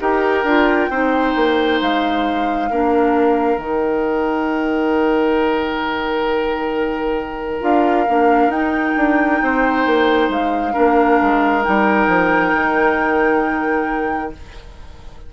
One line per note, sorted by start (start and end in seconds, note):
0.00 0.44 D#4
0.00 0.45 G4
0.00 0.90 A#4
0.00 1.81 G5
0.44 0.89 D4
0.44 0.92 F4
0.90 1.35 C4
0.90 2.71 D#4
0.90 2.70 C5
1.36 1.81 A#3
1.81 2.71 G#3
1.81 3.60 F5
2.70 3.57 A#3
2.70 3.58 D4
2.70 9.42 A#4
3.57 7.60 D#3
3.57 7.61 D#4
3.57 7.62 G5
7.61 8.07 D4
7.61 8.06 F4
7.61 8.51 F5
8.09 8.48 A#3
8.09 8.53 D4
8.48 8.93 D#4
8.48 10.73 D#4
8.48 10.30 G5
8.97 9.41 D4
9.42 9.86 C4
9.42 10.73 C5
9.86 10.29 A#3
10.29 10.74 G#3
10.29 11.64 F5
10.73 11.22 A#3
10.73 11.62 D4
10.73 14.31 A#4
11.22 11.66 G#3
11.64 12.08 G3
11.64 14.32 D#4
11.64 14.33 G5
12.08 12.52 F3
12.54 14.33 D#3